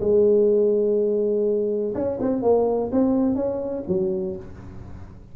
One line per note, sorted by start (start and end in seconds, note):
0.00 1.94 G#3
1.94 2.19 C#4
2.21 2.42 C4
2.42 2.91 A#3
2.92 3.35 C4
3.35 3.84 C#4
3.88 4.36 F#3